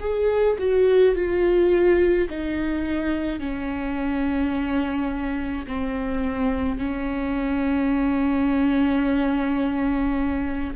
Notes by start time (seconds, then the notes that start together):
0.00 G#4
0.59 F#4
1.15 F4
2.30 D#4
3.40 C#4
5.67 C4
6.78 C#4